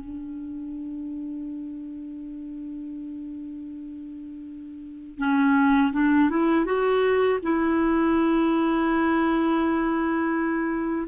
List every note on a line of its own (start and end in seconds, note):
0.00 5.19 D4
5.19 5.93 C#4
5.93 6.30 D4
6.30 6.66 E4
6.66 7.40 F#4
7.43 11.08 E4